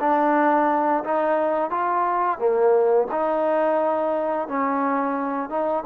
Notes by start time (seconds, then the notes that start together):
0.00 D4
1.04 D#4
1.71 F4
2.39 A#3
3.11 D#4
4.48 C#4
5.50 D#4